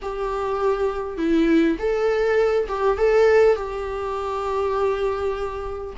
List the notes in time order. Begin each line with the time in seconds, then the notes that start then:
0.01 G4
1.17 E4
1.78 A4
2.68 G4
2.97 A4
3.56 G4